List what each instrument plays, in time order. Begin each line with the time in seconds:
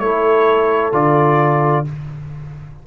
0.00 tuba A3, trombone E4, horn A4, trumpet C#5
0.93 tuba D3, trombone F4, trumpet D5